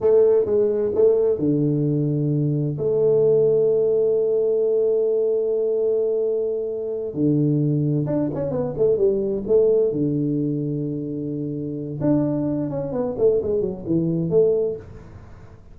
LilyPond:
\new Staff \with { instrumentName = "tuba" } { \time 4/4 \tempo 4 = 130 a4 gis4 a4 d4~ | d2 a2~ | a1~ | a2.~ a8 d8~ |
d4. d'8 cis'8 b8 a8 g8~ | g8 a4 d2~ d8~ | d2 d'4. cis'8 | b8 a8 gis8 fis8 e4 a4 | }